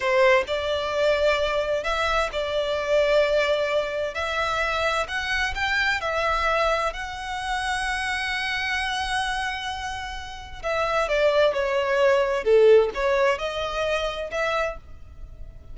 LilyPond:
\new Staff \with { instrumentName = "violin" } { \time 4/4 \tempo 4 = 130 c''4 d''2. | e''4 d''2.~ | d''4 e''2 fis''4 | g''4 e''2 fis''4~ |
fis''1~ | fis''2. e''4 | d''4 cis''2 a'4 | cis''4 dis''2 e''4 | }